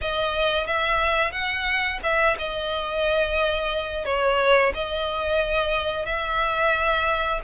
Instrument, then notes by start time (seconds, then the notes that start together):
violin
0.01 D#5
0.66 E5
1.31 F#5
2.03 E5
2.38 D#5
4.05 C#5
4.74 D#5
6.05 E5